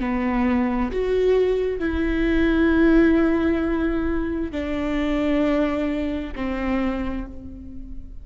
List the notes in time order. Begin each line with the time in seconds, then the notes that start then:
0.00 B3
0.91 F#4
1.79 E4
4.52 D4
6.35 C4